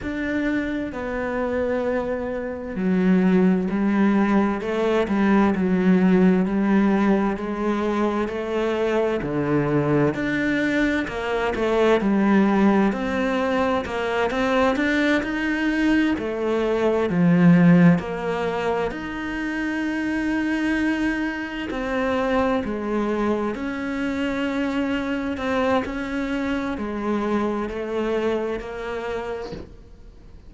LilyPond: \new Staff \with { instrumentName = "cello" } { \time 4/4 \tempo 4 = 65 d'4 b2 fis4 | g4 a8 g8 fis4 g4 | gis4 a4 d4 d'4 | ais8 a8 g4 c'4 ais8 c'8 |
d'8 dis'4 a4 f4 ais8~ | ais8 dis'2. c'8~ | c'8 gis4 cis'2 c'8 | cis'4 gis4 a4 ais4 | }